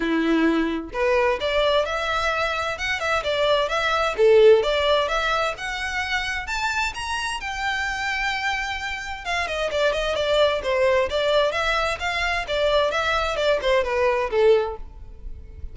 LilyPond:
\new Staff \with { instrumentName = "violin" } { \time 4/4 \tempo 4 = 130 e'2 b'4 d''4 | e''2 fis''8 e''8 d''4 | e''4 a'4 d''4 e''4 | fis''2 a''4 ais''4 |
g''1 | f''8 dis''8 d''8 dis''8 d''4 c''4 | d''4 e''4 f''4 d''4 | e''4 d''8 c''8 b'4 a'4 | }